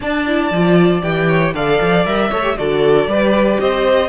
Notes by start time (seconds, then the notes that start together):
0.00 D4 D5 A5
0.26 E4
0.50 F3 F4
1.02 E3 G4 G5
1.28 C#5
1.53 D3 A4 D5 F5
1.81 F3
2.05 G3 A#4 E5
2.30 A3 A4 C#5
2.42 G4
2.57 D3 F#4 A4 D5
3.07 G3 G4 B4
3.60 C4 C5 D#5